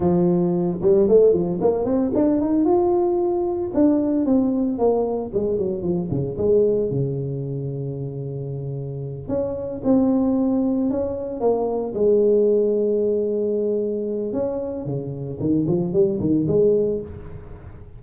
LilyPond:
\new Staff \with { instrumentName = "tuba" } { \time 4/4 \tempo 4 = 113 f4. g8 a8 f8 ais8 c'8 | d'8 dis'8 f'2 d'4 | c'4 ais4 gis8 fis8 f8 cis8 | gis4 cis2.~ |
cis4. cis'4 c'4.~ | c'8 cis'4 ais4 gis4.~ | gis2. cis'4 | cis4 dis8 f8 g8 dis8 gis4 | }